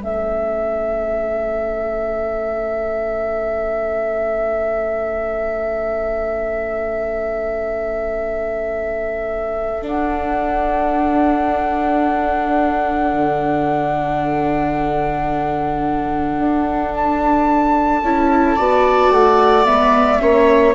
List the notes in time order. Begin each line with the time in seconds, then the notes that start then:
0.00 A3 C#4 A4 E5
9.82 D4 F#5
13.13 D3
16.40 D4
16.95 A5
18.03 C#4 E4
18.56 B3 F#4 D5
19.11 A3 F#5
19.65 G#3 B3 E5
20.20 A#3 C#4 C#5